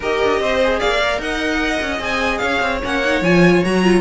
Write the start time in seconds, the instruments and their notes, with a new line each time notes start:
0.00 cello D#4, viola G4, violin A#4 D#5
0.23 cello D4
0.39 cello C4, violin C5
0.63 viola G#4
0.79 cello A#3, violin D5 F5
0.97 viola A#4
1.18 cello D#4, violin D#5 F#5
1.81 cello C#4
1.98 cello C4, viola G#4, violin G#5
2.37 cello C#4, violin C#5 F5
2.61 cello C4
2.83 cello A#3, viola C#4, violin F#5
3.04 viola D#4
3.21 cello F3, viola F4, violin G#5
3.64 cello F#3, viola F#4, violin A#5
3.83 viola F4